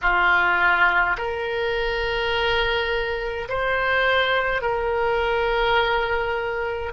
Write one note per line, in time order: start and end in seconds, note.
0.01 1.16 F4
1.17 3.48 A#4
3.49 4.62 C5
4.62 6.92 A#4